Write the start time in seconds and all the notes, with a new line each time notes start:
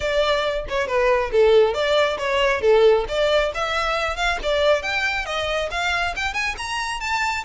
0.00 D5
0.68 C#5
0.87 B4
1.32 A4
1.74 D5
2.18 C#5
2.61 A4
3.08 D5
3.54 E5
4.16 F5
4.42 D5
4.82 G5
5.25 D#5
5.71 F5
6.16 G5
6.33 G#5
6.57 A#5
7.00 A5